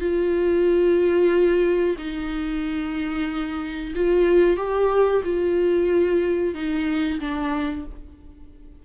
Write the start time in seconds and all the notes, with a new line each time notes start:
0.00 F4
1.98 D#4
3.95 F4
4.57 G4
5.24 F4
6.54 D#4
7.19 D4